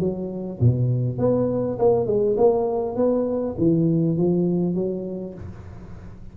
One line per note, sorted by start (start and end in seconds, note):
0.00 0.59 F#3
0.60 1.19 B2
1.19 1.78 B3
1.79 2.07 A#3
2.07 2.37 G#3
2.37 2.96 A#3
2.96 3.56 B3
3.58 4.18 E3
4.18 4.75 F3
4.75 5.34 F#3